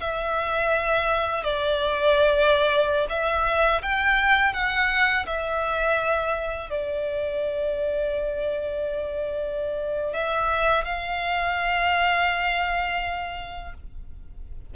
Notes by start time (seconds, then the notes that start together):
0.00 E5
1.44 D5
3.09 E5
3.82 G5
4.53 F#5
5.26 E5
6.70 D5
10.13 E5
10.85 F5